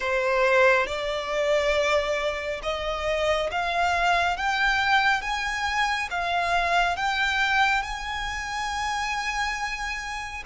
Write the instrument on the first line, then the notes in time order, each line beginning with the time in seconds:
violin
0.00 C5
0.87 D5
2.62 D#5
3.51 F5
4.36 G5
5.21 G#5
6.10 F5
6.96 G5
7.82 G#5